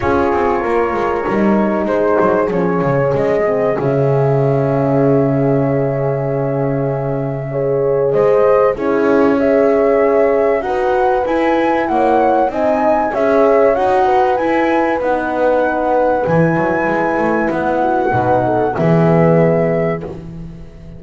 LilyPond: <<
  \new Staff \with { instrumentName = "flute" } { \time 4/4 \tempo 4 = 96 cis''2. c''4 | cis''4 dis''4 e''2~ | e''1~ | e''4 dis''4 cis''4 e''4~ |
e''4 fis''4 gis''4 fis''4 | gis''4 e''4 fis''4 gis''4 | fis''2 gis''2 | fis''2 e''2 | }
  \new Staff \with { instrumentName = "horn" } { \time 4/4 gis'4 ais'2 gis'4~ | gis'1~ | gis'1 | cis''4 c''4 gis'4 cis''4~ |
cis''4 b'2 cis''4 | dis''4 cis''4. b'4.~ | b'1~ | b'8 fis'8 b'8 a'8 gis'2 | }
  \new Staff \with { instrumentName = "horn" } { \time 4/4 f'2 dis'2 | cis'4. c'8 cis'2~ | cis'1 | gis'2 e'4 gis'4~ |
gis'4 fis'4 e'2 | dis'4 gis'4 fis'4 e'4 | dis'2 e'2~ | e'4 dis'4 b2 | }
  \new Staff \with { instrumentName = "double bass" } { \time 4/4 cis'8 c'8 ais8 gis8 g4 gis8 fis8 | f8 cis8 gis4 cis2~ | cis1~ | cis4 gis4 cis'2~ |
cis'4 dis'4 e'4 ais4 | c'4 cis'4 dis'4 e'4 | b2 e8 fis8 gis8 a8 | b4 b,4 e2 | }
>>